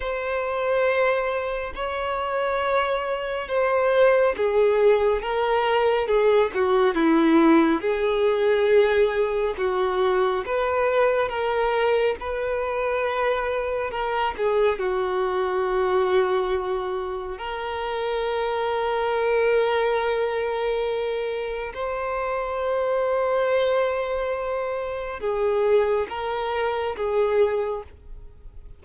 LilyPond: \new Staff \with { instrumentName = "violin" } { \time 4/4 \tempo 4 = 69 c''2 cis''2 | c''4 gis'4 ais'4 gis'8 fis'8 | e'4 gis'2 fis'4 | b'4 ais'4 b'2 |
ais'8 gis'8 fis'2. | ais'1~ | ais'4 c''2.~ | c''4 gis'4 ais'4 gis'4 | }